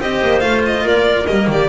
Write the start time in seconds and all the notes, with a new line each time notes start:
0.00 C4 G4 C5 D#5
0.22 A#3
0.40 A3 F4 F5
0.66 D#5
0.83 A#3 A#4 D5
1.26 G3 A#3 D#5
1.47 D#3 G4 D5